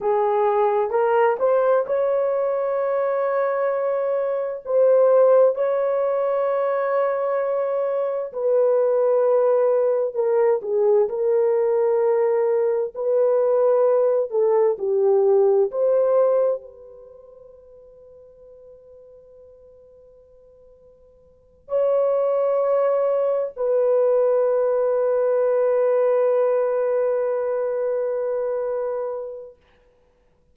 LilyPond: \new Staff \with { instrumentName = "horn" } { \time 4/4 \tempo 4 = 65 gis'4 ais'8 c''8 cis''2~ | cis''4 c''4 cis''2~ | cis''4 b'2 ais'8 gis'8 | ais'2 b'4. a'8 |
g'4 c''4 b'2~ | b'2.~ b'8 cis''8~ | cis''4. b'2~ b'8~ | b'1 | }